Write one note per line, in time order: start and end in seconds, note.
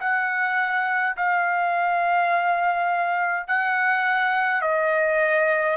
0.00 1.15 F#5
1.16 3.47 F5
3.47 4.62 F#5
4.62 5.76 D#5